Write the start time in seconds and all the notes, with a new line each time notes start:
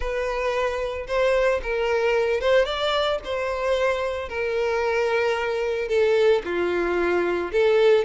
0.00 B4
1.07 C5
1.62 A#4
2.41 C5
2.65 D5
3.24 C5
4.29 A#4
5.88 A4
6.44 F4
7.52 A4